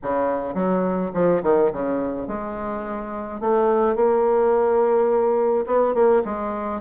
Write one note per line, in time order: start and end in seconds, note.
0.02 0.54 C#3
0.54 1.11 F#3
1.13 1.42 F3
1.42 1.71 D#3
1.72 2.27 C#3
2.27 3.40 G#3
3.40 3.95 A3
3.95 5.65 A#3
5.66 5.94 B3
5.94 6.22 A#3
6.24 6.81 G#3